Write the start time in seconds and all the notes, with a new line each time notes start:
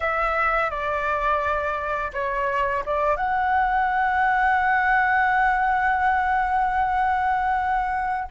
0.00 E5
0.70 D5
2.13 C#5
2.85 D5
3.16 F#5